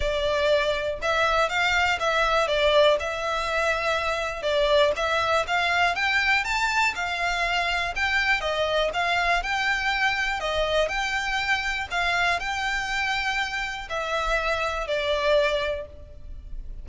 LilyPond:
\new Staff \with { instrumentName = "violin" } { \time 4/4 \tempo 4 = 121 d''2 e''4 f''4 | e''4 d''4 e''2~ | e''4 d''4 e''4 f''4 | g''4 a''4 f''2 |
g''4 dis''4 f''4 g''4~ | g''4 dis''4 g''2 | f''4 g''2. | e''2 d''2 | }